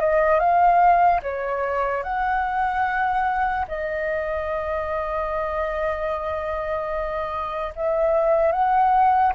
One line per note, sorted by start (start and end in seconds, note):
0.00 0.40 D#5
0.40 1.21 F5
1.23 2.03 C#5
2.03 3.66 F#5
3.68 7.74 D#5
7.76 8.52 E5
8.52 9.34 F#5